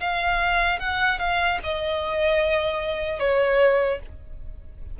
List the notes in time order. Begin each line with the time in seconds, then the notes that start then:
0.00 F5
0.80 F#5
1.19 F5
1.64 D#5
3.20 C#5